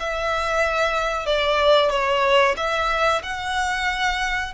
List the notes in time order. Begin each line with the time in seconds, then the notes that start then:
0.00 E5
1.26 D5
1.91 C#5
2.57 E5
3.23 F#5